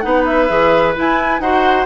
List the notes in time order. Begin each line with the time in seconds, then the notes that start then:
0.00 B3 D#4 B4 F#5
0.25 E5
0.48 E3 G#4
0.95 E4 G#5
1.39 D#4 F#4 C5 F#5